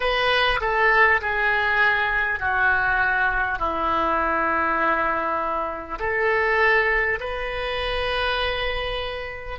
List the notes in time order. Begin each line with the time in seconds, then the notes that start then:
0.00 B4
0.60 A4
1.21 G#4
2.39 F#4
3.58 E4
5.99 A4
7.19 B4